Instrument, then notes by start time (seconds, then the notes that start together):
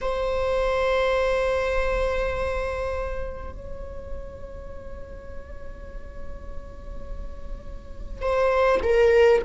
viola
0.01 C5
3.52 C#5
8.21 C5
8.83 A#4